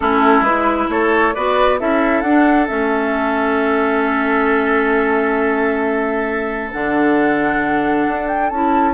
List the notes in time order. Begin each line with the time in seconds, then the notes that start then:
0.00 A3 C#4 E4 A4
0.41 G#3 E4 B4
0.89 A3 A4 C#5
1.34 B3 F#4 B4 D5
1.79 C#4 E4 A4 E5
2.21 D4 F#5
2.67 A3 C#4 E5
6.72 D3 D4 F#5
8.07 D4
8.27 G5
8.49 C#4 E4 A5